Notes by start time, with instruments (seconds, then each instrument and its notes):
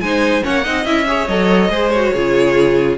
0.00 cello G#3, viola D#4, violin C5 G#5
0.42 cello A#3, viola C#4, violin C#5 F#5
0.64 cello C4, viola D#4, violin D#5
0.85 cello C#4, viola E4, violin E5
1.07 viola G#4, violin C#5
1.28 cello F#3, viola A4, violin D#5
1.69 cello G#3, viola G#4, violin C5
1.90 viola F#4, violin C#5
2.13 cello C#3, viola F4, violin G#4